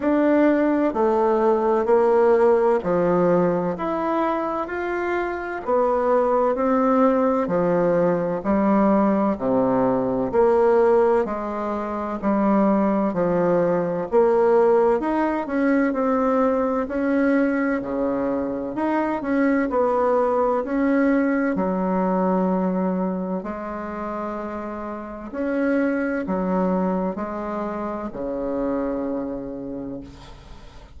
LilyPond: \new Staff \with { instrumentName = "bassoon" } { \time 4/4 \tempo 4 = 64 d'4 a4 ais4 f4 | e'4 f'4 b4 c'4 | f4 g4 c4 ais4 | gis4 g4 f4 ais4 |
dis'8 cis'8 c'4 cis'4 cis4 | dis'8 cis'8 b4 cis'4 fis4~ | fis4 gis2 cis'4 | fis4 gis4 cis2 | }